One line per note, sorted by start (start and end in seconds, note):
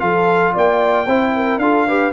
0.00 0.55 F3
0.00 1.07 F4
0.00 0.54 A4
0.00 0.53 F5
0.54 1.07 A#3
0.54 1.07 D5
0.54 1.59 G5
1.07 1.58 C4
1.07 1.62 E4
1.07 1.34 C5
1.36 1.62 A#4
1.58 2.11 D4
1.58 1.88 F4
1.58 1.87 A4
1.58 2.12 F5
1.87 2.13 G4
1.87 2.13 B4